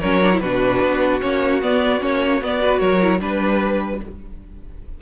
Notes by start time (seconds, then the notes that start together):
0.00 F#3 C#4 A#4 C#5
0.22 D4
0.32 E4
0.39 B2 D4 F#4 B4
0.81 B3
1.20 A#3 C#4 C#5
1.61 B3 D5
2.00 A#3 C#4 C#5
2.41 B3 D5
2.60 F#4 B4
2.79 F#3 A#4 C#5
3.01 E4
3.20 G3 D4 B4